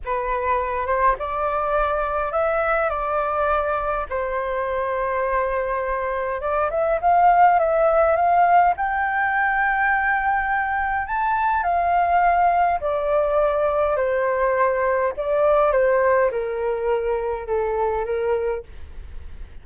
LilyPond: \new Staff \with { instrumentName = "flute" } { \time 4/4 \tempo 4 = 103 b'4. c''8 d''2 | e''4 d''2 c''4~ | c''2. d''8 e''8 | f''4 e''4 f''4 g''4~ |
g''2. a''4 | f''2 d''2 | c''2 d''4 c''4 | ais'2 a'4 ais'4 | }